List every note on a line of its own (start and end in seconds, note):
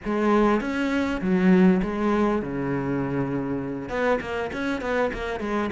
0.04 0.60 G#3
0.60 1.20 C#4
1.21 1.81 F#3
1.82 2.42 G#3
2.42 3.89 C#3
3.89 4.19 B3
4.21 4.51 A#3
4.52 4.81 C#4
4.81 5.11 B3
5.13 5.40 A#3
5.40 5.70 G#3